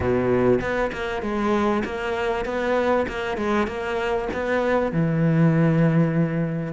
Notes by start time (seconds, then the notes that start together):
0.00 B2
0.60 B3
0.92 A#3
1.22 G#3
1.84 A#3
2.45 B3
3.08 A#3
3.37 G#3
3.67 A#3
4.33 B3
4.91 E3